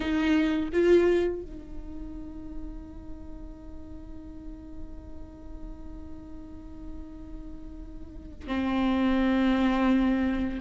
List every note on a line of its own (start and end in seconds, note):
0.00 0.69 D#4
0.73 1.41 F4
1.41 8.47 D#4
8.47 10.59 C4